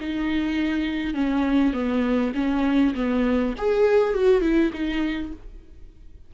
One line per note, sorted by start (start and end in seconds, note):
0.00 1.14 D#4
1.14 1.73 C#4
1.73 2.32 B3
2.34 2.94 C#4
2.95 3.54 B3
3.58 4.14 G#4
4.14 4.41 F#4
4.41 4.71 E4
4.73 5.32 D#4